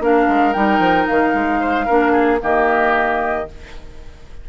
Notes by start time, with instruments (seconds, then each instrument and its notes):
0.00 bassoon A#3, clarinet D4, oboe A#4, flute F5
0.28 bassoon G#3
0.53 bassoon G3, clarinet D#4, flute G5
0.79 bassoon F3
1.07 bassoon D#3, flute F5
1.34 bassoon G#3
1.60 oboe C5
1.85 bassoon A#3, clarinet D4, oboe A#4
2.12 oboe G#4
2.40 bassoon D#3, clarinet A#3, oboe G4, flute D#5